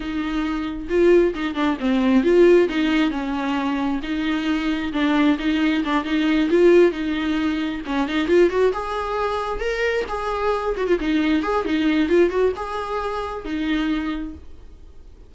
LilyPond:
\new Staff \with { instrumentName = "viola" } { \time 4/4 \tempo 4 = 134 dis'2 f'4 dis'8 d'8 | c'4 f'4 dis'4 cis'4~ | cis'4 dis'2 d'4 | dis'4 d'8 dis'4 f'4 dis'8~ |
dis'4. cis'8 dis'8 f'8 fis'8 gis'8~ | gis'4. ais'4 gis'4. | fis'16 f'16 dis'4 gis'8 dis'4 f'8 fis'8 | gis'2 dis'2 | }